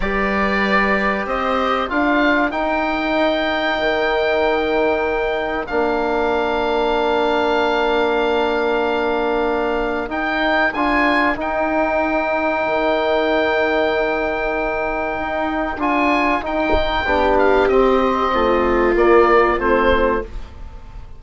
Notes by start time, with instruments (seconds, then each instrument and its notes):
0.00 bassoon G3, trombone G4, viola B4, oboe D5
1.25 bassoon C4, viola C5, oboe D#5
1.88 bassoon D4, trombone F4, viola A#4, oboe F5
2.51 trombone D#4, bassoon D#4, oboe G5
3.79 bassoon D#3
5.66 bassoon A#3, trombone D4, oboe F5
10.08 trombone D#4, bassoon D#4, oboe G5
10.73 bassoon D4, trombone F4, oboe G#5
11.35 trombone D#4, bassoon D#4, oboe G5
12.66 bassoon D#3
15.18 bassoon D#4
15.77 bassoon D4, trombone F4, oboe G#5
16.40 bassoon D#4, trombone D#4, oboe G5
17.05 bassoon B3, trombone D4, viola G4
17.38 oboe F5
17.68 bassoon C4, trombone C4, oboe D#5
18.32 bassoon A3, viola F4
18.94 trombone A#3, bassoon A#3, oboe D5
19.58 bassoon A3, trombone C4, oboe C5